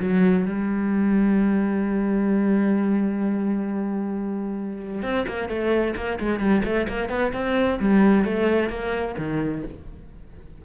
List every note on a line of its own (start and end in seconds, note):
0.00 0.46 F#3
0.46 5.03 G3
5.03 5.26 C4
5.28 5.49 A#3
5.49 5.95 A3
5.96 6.19 A#3
6.20 6.40 G#3
6.40 6.63 G3
6.65 6.88 A3
6.89 7.10 A#3
7.10 7.33 B3
7.34 7.79 C4
7.80 8.25 G3
8.25 8.70 A3
8.70 9.16 A#3
9.18 9.64 D#3